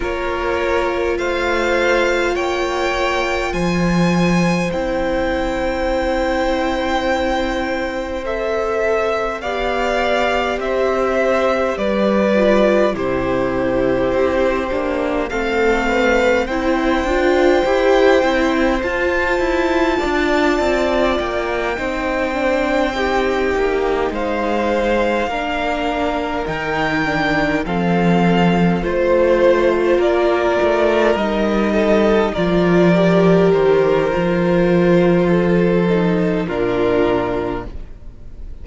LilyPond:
<<
  \new Staff \with { instrumentName = "violin" } { \time 4/4 \tempo 4 = 51 cis''4 f''4 g''4 gis''4 | g''2. e''4 | f''4 e''4 d''4 c''4~ | c''4 f''4 g''2 |
a''2 g''2~ | g''8 f''2 g''4 f''8~ | f''8 c''4 d''4 dis''4 d''8~ | d''8 c''2~ c''8 ais'4 | }
  \new Staff \with { instrumentName = "violin" } { \time 4/4 ais'4 c''4 cis''4 c''4~ | c''1 | d''4 c''4 b'4 g'4~ | g'4 a'8 b'8 c''2~ |
c''4 d''4. c''4 g'8~ | g'8 c''4 ais'2 a'8~ | a'8 c''4 ais'4. a'8 ais'8~ | ais'2 a'4 f'4 | }
  \new Staff \with { instrumentName = "viola" } { \time 4/4 f'1 | e'2. a'4 | g'2~ g'8 f'8 e'4~ | e'8 d'8 c'4 e'8 f'8 g'8 e'8 |
f'2~ f'8 dis'8 d'8 dis'8~ | dis'4. d'4 dis'8 d'8 c'8~ | c'8 f'2 dis'4 f'8 | g'4 f'4. dis'8 d'4 | }
  \new Staff \with { instrumentName = "cello" } { \time 4/4 ais4 a4 ais4 f4 | c'1 | b4 c'4 g4 c4 | c'8 ais8 a4 c'8 d'8 e'8 c'8 |
f'8 e'8 d'8 c'8 ais8 c'4. | ais8 gis4 ais4 dis4 f8~ | f8 a4 ais8 a8 g4 f8~ | f8 dis8 f2 ais,4 | }
>>